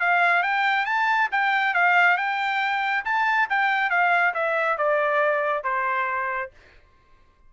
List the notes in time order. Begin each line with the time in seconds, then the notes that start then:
0.00 F5
0.43 G5
0.86 A5
1.32 G5
1.74 F5
2.17 G5
3.05 A5
3.50 G5
3.90 F5
4.34 E5
4.78 D5
5.64 C5